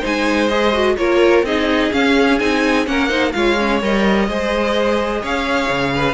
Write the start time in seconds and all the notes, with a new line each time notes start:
0.00 G#3 D#4 C5
0.06 G#5
0.49 G#4 D#5
0.73 F#4
0.97 A#3 F4 A#4 C#5
1.43 C4 D#4 G#4 D#5
1.92 C#4 F5
2.39 C4 D#4 G#5
2.86 A#3 C#4 A#4 F#5
3.08 D#4 C5
3.32 G#3 F4 C#5 F5
3.58 C#4
3.82 G3 A#4 D#5
4.28 G#3 G#4 C5
5.22 C#4 C#5 F5
5.70 C#3
5.95 B4